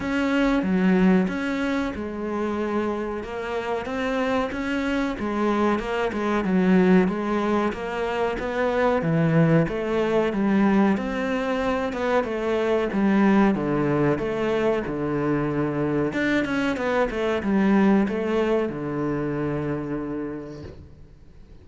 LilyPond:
\new Staff \with { instrumentName = "cello" } { \time 4/4 \tempo 4 = 93 cis'4 fis4 cis'4 gis4~ | gis4 ais4 c'4 cis'4 | gis4 ais8 gis8 fis4 gis4 | ais4 b4 e4 a4 |
g4 c'4. b8 a4 | g4 d4 a4 d4~ | d4 d'8 cis'8 b8 a8 g4 | a4 d2. | }